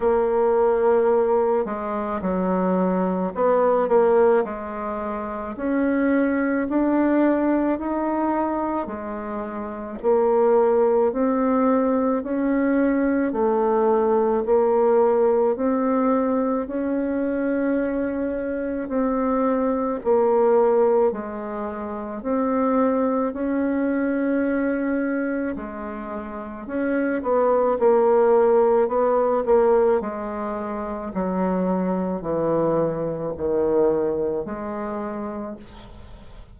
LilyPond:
\new Staff \with { instrumentName = "bassoon" } { \time 4/4 \tempo 4 = 54 ais4. gis8 fis4 b8 ais8 | gis4 cis'4 d'4 dis'4 | gis4 ais4 c'4 cis'4 | a4 ais4 c'4 cis'4~ |
cis'4 c'4 ais4 gis4 | c'4 cis'2 gis4 | cis'8 b8 ais4 b8 ais8 gis4 | fis4 e4 dis4 gis4 | }